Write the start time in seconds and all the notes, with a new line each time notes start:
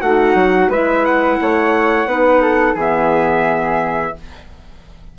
0.00 A3 D#4 F#4 F#5
0.34 F#3
0.68 G#3 E4 B4 E5
1.05 F#5
1.40 A3 C#5
2.05 B3 D#4 B4
2.41 A4
2.74 E3 B3 G#4
2.80 E5